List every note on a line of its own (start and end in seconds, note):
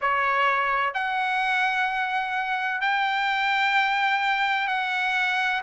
0.01 0.94 C#5
0.94 2.81 F#5
2.81 4.67 G5
4.67 5.61 F#5